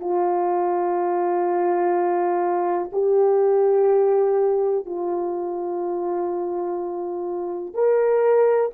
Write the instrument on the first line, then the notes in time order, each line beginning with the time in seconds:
horn
0.00 F4
2.93 G4
4.86 F4
7.74 A#4